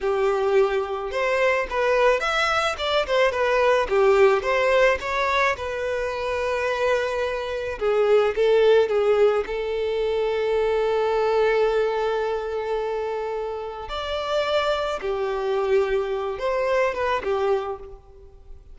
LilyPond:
\new Staff \with { instrumentName = "violin" } { \time 4/4 \tempo 4 = 108 g'2 c''4 b'4 | e''4 d''8 c''8 b'4 g'4 | c''4 cis''4 b'2~ | b'2 gis'4 a'4 |
gis'4 a'2.~ | a'1~ | a'4 d''2 g'4~ | g'4. c''4 b'8 g'4 | }